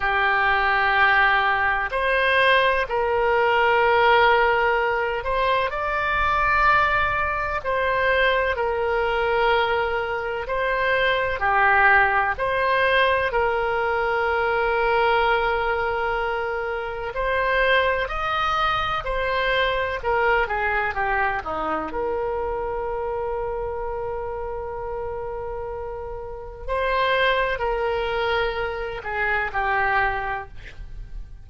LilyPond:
\new Staff \with { instrumentName = "oboe" } { \time 4/4 \tempo 4 = 63 g'2 c''4 ais'4~ | ais'4. c''8 d''2 | c''4 ais'2 c''4 | g'4 c''4 ais'2~ |
ais'2 c''4 dis''4 | c''4 ais'8 gis'8 g'8 dis'8 ais'4~ | ais'1 | c''4 ais'4. gis'8 g'4 | }